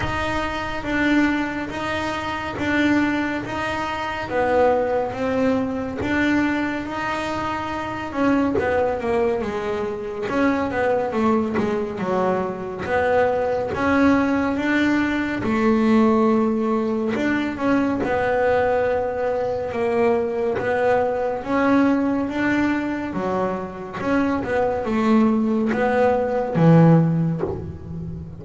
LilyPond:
\new Staff \with { instrumentName = "double bass" } { \time 4/4 \tempo 4 = 70 dis'4 d'4 dis'4 d'4 | dis'4 b4 c'4 d'4 | dis'4. cis'8 b8 ais8 gis4 | cis'8 b8 a8 gis8 fis4 b4 |
cis'4 d'4 a2 | d'8 cis'8 b2 ais4 | b4 cis'4 d'4 fis4 | cis'8 b8 a4 b4 e4 | }